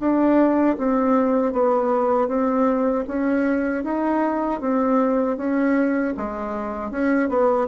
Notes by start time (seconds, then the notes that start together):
0.00 D4
0.78 C4
1.53 B3
2.28 C4
3.08 C#4
3.84 D#4
4.61 C4
5.37 C#4
6.17 G#3
6.92 C#4
7.29 B3